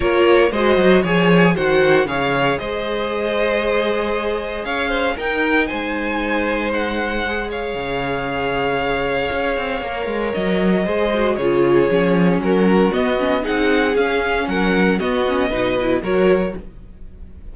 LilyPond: <<
  \new Staff \with { instrumentName = "violin" } { \time 4/4 \tempo 4 = 116 cis''4 dis''4 gis''4 fis''4 | f''4 dis''2.~ | dis''4 f''4 g''4 gis''4~ | gis''4 fis''4. f''4.~ |
f''1 | dis''2 cis''2 | ais'4 dis''4 fis''4 f''4 | fis''4 dis''2 cis''4 | }
  \new Staff \with { instrumentName = "violin" } { \time 4/4 ais'4 c''4 cis''4 c''4 | cis''4 c''2.~ | c''4 cis''8 c''8 ais'4 c''4~ | c''2~ c''8 cis''4.~ |
cis''1~ | cis''4 c''4 gis'2 | fis'2 gis'2 | ais'4 fis'4 b'4 ais'4 | }
  \new Staff \with { instrumentName = "viola" } { \time 4/4 f'4 fis'4 gis'4 fis'4 | gis'1~ | gis'2 dis'2~ | dis'2 gis'2~ |
gis'2. ais'4~ | ais'4 gis'8 fis'8 f'4 cis'4~ | cis'4 b8 cis'8 dis'4 cis'4~ | cis'4 b8 cis'8 dis'8 e'8 fis'4 | }
  \new Staff \with { instrumentName = "cello" } { \time 4/4 ais4 gis8 fis8 f4 dis4 | cis4 gis2.~ | gis4 cis'4 dis'4 gis4~ | gis2. cis4~ |
cis2 cis'8 c'8 ais8 gis8 | fis4 gis4 cis4 f4 | fis4 b4 c'4 cis'4 | fis4 b4 b,4 fis4 | }
>>